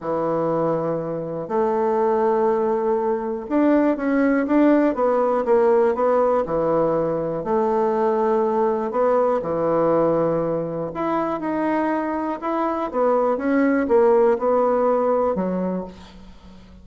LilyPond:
\new Staff \with { instrumentName = "bassoon" } { \time 4/4 \tempo 4 = 121 e2. a4~ | a2. d'4 | cis'4 d'4 b4 ais4 | b4 e2 a4~ |
a2 b4 e4~ | e2 e'4 dis'4~ | dis'4 e'4 b4 cis'4 | ais4 b2 fis4 | }